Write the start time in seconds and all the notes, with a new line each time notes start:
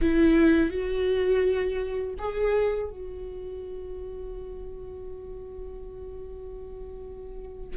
0.01 E4
0.70 F#4
2.18 G#4
2.90 F#4